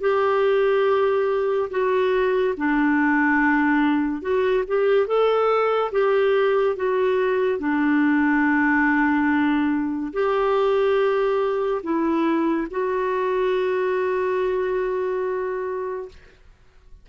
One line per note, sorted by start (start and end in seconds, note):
0.00 1.69 G4
1.70 2.54 F#4
2.57 4.21 D4
4.21 4.64 F#4
4.67 5.07 G4
5.07 5.91 A4
5.91 6.76 G4
6.76 7.59 F#4
7.59 10.12 D4
10.13 11.82 G4
11.83 12.67 E4
12.70 16.08 F#4